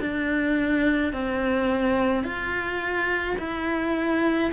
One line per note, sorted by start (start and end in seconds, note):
0.00 1.12 D4
1.12 2.23 C4
2.23 3.37 F4
3.38 4.51 E4